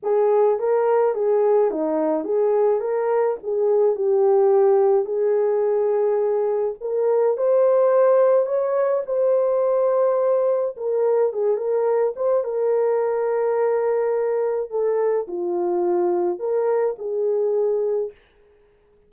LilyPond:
\new Staff \with { instrumentName = "horn" } { \time 4/4 \tempo 4 = 106 gis'4 ais'4 gis'4 dis'4 | gis'4 ais'4 gis'4 g'4~ | g'4 gis'2. | ais'4 c''2 cis''4 |
c''2. ais'4 | gis'8 ais'4 c''8 ais'2~ | ais'2 a'4 f'4~ | f'4 ais'4 gis'2 | }